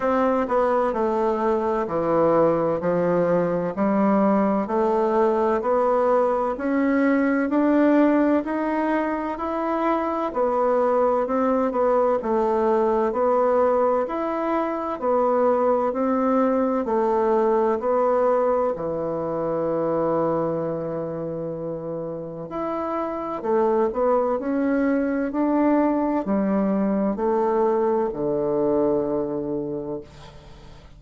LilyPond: \new Staff \with { instrumentName = "bassoon" } { \time 4/4 \tempo 4 = 64 c'8 b8 a4 e4 f4 | g4 a4 b4 cis'4 | d'4 dis'4 e'4 b4 | c'8 b8 a4 b4 e'4 |
b4 c'4 a4 b4 | e1 | e'4 a8 b8 cis'4 d'4 | g4 a4 d2 | }